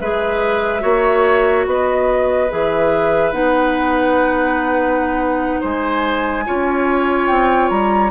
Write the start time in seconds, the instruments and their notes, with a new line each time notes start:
0.00 bassoon G#3, clarinet G#4, oboe B4, flute E5
0.81 bassoon A#3, clarinet F#4, oboe C#5
1.66 bassoon B3, oboe B4, flute D#5
2.50 bassoon E3, clarinet G#4, flute E5
3.32 bassoon B3, clarinet D#4, flute F#5
5.61 bassoon G#3, oboe C5, flute G#5
6.46 bassoon C#4, clarinet F4, oboe C#5
7.27 bassoon C4, flute G5
7.69 bassoon G3, flute A#5